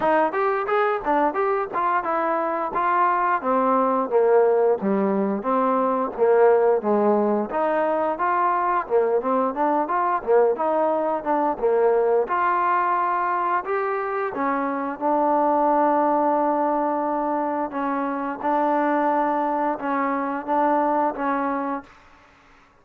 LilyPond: \new Staff \with { instrumentName = "trombone" } { \time 4/4 \tempo 4 = 88 dis'8 g'8 gis'8 d'8 g'8 f'8 e'4 | f'4 c'4 ais4 g4 | c'4 ais4 gis4 dis'4 | f'4 ais8 c'8 d'8 f'8 ais8 dis'8~ |
dis'8 d'8 ais4 f'2 | g'4 cis'4 d'2~ | d'2 cis'4 d'4~ | d'4 cis'4 d'4 cis'4 | }